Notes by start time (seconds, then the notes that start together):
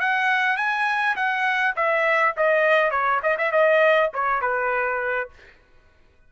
0.00 F#5
0.57 G#5
1.16 F#5
1.76 E5
2.37 D#5
2.91 C#5
3.23 D#5
3.38 E5
3.52 D#5
4.14 C#5
4.41 B4